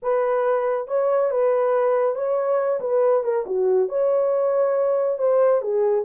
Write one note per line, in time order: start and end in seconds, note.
0.02 0.87 B4
0.87 1.30 C#5
1.30 2.15 B4
2.15 2.80 C#5
2.80 3.23 B4
3.23 3.45 A#4
3.46 3.88 F#4
3.88 5.18 C#5
5.18 5.61 C5
5.61 6.05 G#4